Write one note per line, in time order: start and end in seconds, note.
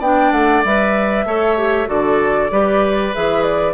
0.00 0.31 B3
0.00 0.66 D4
0.00 1.25 D5
0.00 0.32 G5
0.32 0.64 A3
0.32 0.63 F#5
0.65 1.25 G3
0.65 1.27 B4
0.65 1.90 E5
1.25 1.88 A3
1.25 1.58 A4
1.25 1.89 C#5
1.58 1.87 G4
1.87 2.52 D3
1.87 2.49 F#4
1.87 2.52 A4
1.87 3.15 D5
2.51 3.14 G3
2.51 3.14 G4
2.51 3.74 B4
3.14 3.74 E3
3.14 3.74 G#4
3.14 3.44 E5
3.44 3.74 D5